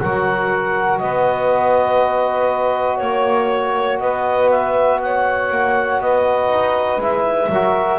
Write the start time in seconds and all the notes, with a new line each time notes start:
0.00 F#3 F#4 A#4 F#5
0.98 B3 B4 D#5
2.97 A#3 C#5
4.00 B3 B4 D#5
4.50 E5
5.01 C#5 F#5
5.51 A#3
6.00 B3 B4 D#5
6.47 D#4
6.98 G#3 E4 E5
7.49 F#3 F#4 A#4